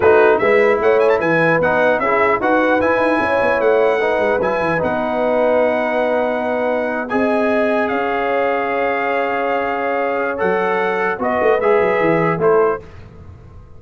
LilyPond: <<
  \new Staff \with { instrumentName = "trumpet" } { \time 4/4 \tempo 4 = 150 b'4 e''4 fis''8 gis''16 a''16 gis''4 | fis''4 e''4 fis''4 gis''4~ | gis''4 fis''2 gis''4 | fis''1~ |
fis''4.~ fis''16 gis''2 f''16~ | f''1~ | f''2 fis''2 | dis''4 e''2 c''4 | }
  \new Staff \with { instrumentName = "horn" } { \time 4/4 fis'4 b'4 cis''4 b'4~ | b'4 gis'4 b'2 | cis''2 b'2~ | b'1~ |
b'4.~ b'16 dis''2 cis''16~ | cis''1~ | cis''1 | b'2. a'4 | }
  \new Staff \with { instrumentName = "trombone" } { \time 4/4 dis'4 e'2. | dis'4 e'4 fis'4 e'4~ | e'2 dis'4 e'4 | dis'1~ |
dis'4.~ dis'16 gis'2~ gis'16~ | gis'1~ | gis'2 a'2 | fis'4 gis'2 e'4 | }
  \new Staff \with { instrumentName = "tuba" } { \time 4/4 a4 gis4 a4 e4 | b4 cis'4 dis'4 e'8 dis'8 | cis'8 b8 a4. gis8 fis8 e8 | b1~ |
b4.~ b16 c'2 cis'16~ | cis'1~ | cis'2 fis2 | b8 a8 gis8 fis8 e4 a4 | }
>>